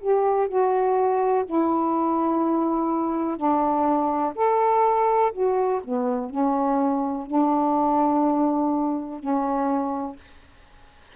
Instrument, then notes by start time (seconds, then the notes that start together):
saxophone
0.00 G4
0.48 F#4
1.45 E4
3.37 D4
4.35 A4
5.32 F#4
5.84 B3
6.29 C#4
7.26 D4
9.19 C#4